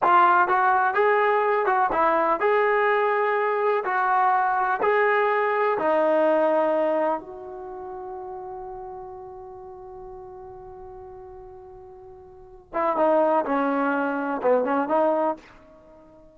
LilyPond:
\new Staff \with { instrumentName = "trombone" } { \time 4/4 \tempo 4 = 125 f'4 fis'4 gis'4. fis'8 | e'4 gis'2. | fis'2 gis'2 | dis'2. fis'4~ |
fis'1~ | fis'1~ | fis'2~ fis'8 e'8 dis'4 | cis'2 b8 cis'8 dis'4 | }